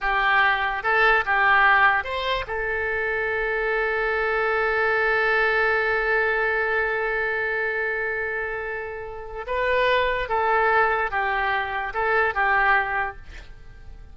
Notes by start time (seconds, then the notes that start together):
0.01 G4
0.83 A4
1.25 G4
2.03 C5
2.47 A4
9.46 B4
10.28 A4
11.11 G4
11.93 A4
12.34 G4